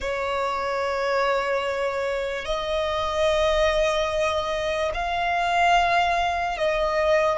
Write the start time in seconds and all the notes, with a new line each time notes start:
0.00 C#5
2.45 D#5
4.94 F5
6.58 D#5